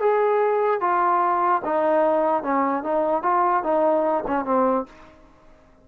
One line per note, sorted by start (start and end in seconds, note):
0.00 0.80 G#4
0.80 1.61 F4
1.64 2.43 D#4
2.43 2.83 C#4
2.83 3.22 D#4
3.22 3.63 F4
3.63 4.24 D#4
4.27 4.45 C#4
4.45 4.85 C4